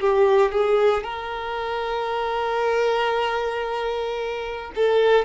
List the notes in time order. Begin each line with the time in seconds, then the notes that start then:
0.00 G4
0.52 G#4
1.04 A#4
4.76 A4